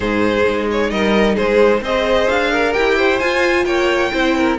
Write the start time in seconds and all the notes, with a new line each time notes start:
0.00 G#2 D#4 G#4 C5
0.47 G#3
0.71 C#5
0.90 G3 A#4 D#5
1.35 G#3 G#4 C5
1.81 C4 G#4 C5 D#5
2.29 D4 F5
2.51 A#4
2.73 E4 G4 G5
2.97 C5
3.19 F4 G#5
3.64 A#3 C#5 G5
4.12 C4 E4 C5
4.37 A#4